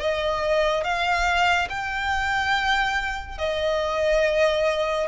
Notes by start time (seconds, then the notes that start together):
0.00 D#5
0.84 F5
1.69 G5
3.38 D#5